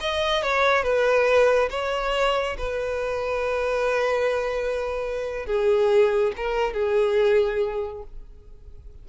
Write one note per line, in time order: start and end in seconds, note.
0.00 0.43 D#5
0.43 0.83 C#5
0.83 1.69 B4
1.70 2.56 C#5
2.58 5.46 B4
5.46 6.32 G#4
6.36 6.73 A#4
6.73 8.03 G#4